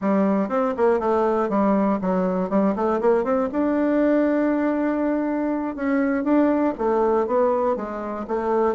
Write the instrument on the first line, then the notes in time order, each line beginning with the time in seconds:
bassoon
0.01 G3
0.49 C4
0.76 A#3
0.99 A3
1.49 G3
2.01 F#3
2.49 G3
2.75 A3
3.00 A#3
3.24 C4
3.51 D4
5.75 C#4
6.24 D4
6.77 A3
7.26 B3
7.75 G#3
8.27 A3